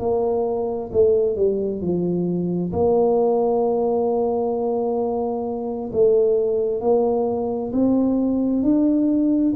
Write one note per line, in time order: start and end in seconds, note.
0.00 0.91 A#3
0.93 1.36 A3
1.36 1.82 G3
1.82 2.73 F3
2.73 5.91 A#3
5.93 6.81 A3
6.81 7.72 A#3
7.73 8.63 C4
8.63 9.54 D4